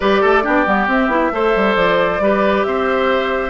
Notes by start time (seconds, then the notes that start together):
0.00 G3 G4 B4 D5
0.21 A3 A4
0.43 B3 D4 G4
0.65 G3 B3
0.87 C4 E5
1.07 B3 E4
1.32 A3 A4 C5
1.55 G3
1.75 F3 D5
2.19 G3 G4 B4
2.63 C4 C5 E5